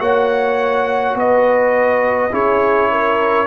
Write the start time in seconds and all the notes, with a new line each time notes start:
0.00 A#3 F#4 C#5 F#5
1.15 B3 B4 D#5
2.32 C#4 E4 G#4 C#5
2.91 A#4